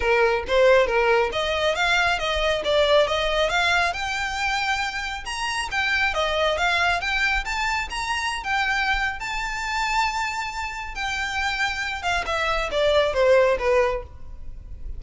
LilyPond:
\new Staff \with { instrumentName = "violin" } { \time 4/4 \tempo 4 = 137 ais'4 c''4 ais'4 dis''4 | f''4 dis''4 d''4 dis''4 | f''4 g''2. | ais''4 g''4 dis''4 f''4 |
g''4 a''4 ais''4~ ais''16 g''8.~ | g''4 a''2.~ | a''4 g''2~ g''8 f''8 | e''4 d''4 c''4 b'4 | }